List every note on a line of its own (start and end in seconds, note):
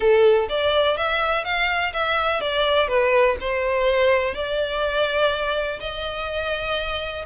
0.00 0.48 A4
0.48 0.97 D5
0.97 1.44 E5
1.44 1.92 F5
1.93 2.40 E5
2.40 2.88 D5
2.88 3.36 B4
3.40 4.34 C5
4.34 5.79 D5
5.80 7.25 D#5